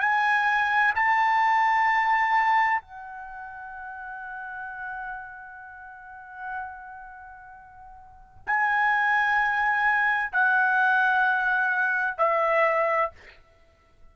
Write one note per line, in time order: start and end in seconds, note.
0.00 0.94 G#5
0.95 2.82 A5
2.82 8.44 F#5
8.47 10.32 G#5
10.32 12.17 F#5
12.17 13.11 E5